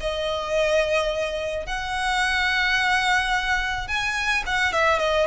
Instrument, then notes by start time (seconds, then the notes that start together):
violin
0.00 D#5
1.66 F#5
3.88 G#5
4.46 F#5
4.72 E5
4.98 D#5